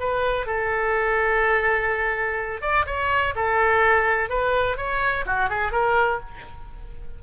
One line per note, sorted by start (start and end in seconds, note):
0.00 0.47 B4
0.47 2.62 A4
2.62 2.86 D5
2.86 3.34 C#5
3.36 4.30 A4
4.30 4.77 B4
4.77 5.25 C#5
5.26 5.50 F#4
5.50 5.72 G#4
5.72 6.20 A#4